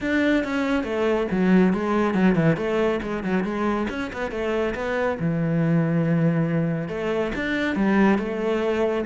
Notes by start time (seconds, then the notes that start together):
0.01 D4
0.44 C#4
0.83 A3
1.31 F#3
1.73 G#3
2.14 F#3
2.35 E3
2.56 A3
3.02 G#3
3.23 F#3
3.44 G#3
3.89 C#4
4.12 B3
4.31 A3
4.74 B3
5.19 E3
6.88 A3
7.35 D4
7.75 G3
8.18 A3